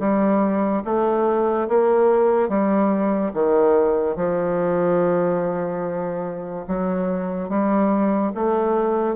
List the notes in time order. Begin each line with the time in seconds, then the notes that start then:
0.00 G3
0.85 A3
1.69 A#3
2.49 G3
3.34 D#3
4.16 F3
6.68 F#3
7.49 G3
8.35 A3